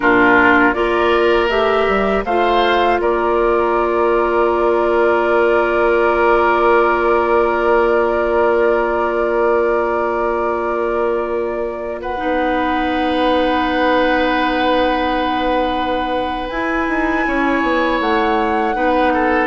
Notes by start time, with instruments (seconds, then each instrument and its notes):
0.00 bassoon A#2, clarinet D4, oboe F4, flute A#4
0.73 bassoon A#3, clarinet F4, oboe A#4, flute D5
1.48 bassoon A3, clarinet G4, flute E5
1.88 bassoon G3
2.24 bassoon A3, clarinet F4, oboe C5, flute F5
3.00 bassoon A#3, oboe A#4, flute D5
12.01 oboe B4, flute F#5
12.17 bassoon B3, clarinet D#4
16.48 bassoon E4, clarinet E4, flute G#5
16.88 bassoon D#4
17.27 bassoon C#4, oboe C#5
17.62 bassoon B3
18.00 bassoon A3, flute F#5
18.74 bassoon B3, clarinet D#4, oboe B4
19.13 oboe A4